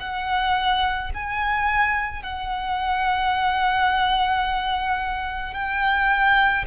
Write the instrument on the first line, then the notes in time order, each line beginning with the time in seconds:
violin
0.00 F#5
1.14 G#5
2.23 F#5
5.54 G5